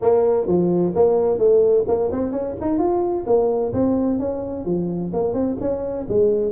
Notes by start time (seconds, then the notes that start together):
0.01 A#3
0.47 F3
0.95 A#3
1.38 A3
1.87 A#3
2.11 C4
2.31 C#4
2.60 D#4
2.78 F4
3.26 A#3
3.73 C4
4.19 C#4
4.65 F3
5.13 A#3
5.33 C4
5.60 C#4
6.08 G#3